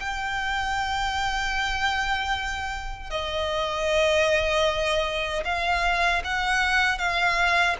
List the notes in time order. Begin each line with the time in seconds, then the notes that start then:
0.00 G5
3.11 D#5
5.45 F5
6.24 F#5
6.98 F5